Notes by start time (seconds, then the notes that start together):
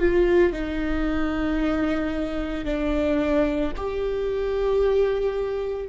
0.00 F4
0.53 D#4
2.65 D4
3.77 G4